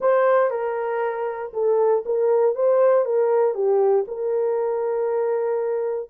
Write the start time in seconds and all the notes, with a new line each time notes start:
0.00 C5
0.50 A#4
1.53 A4
2.05 A#4
2.55 C5
3.05 A#4
3.54 G4
4.07 A#4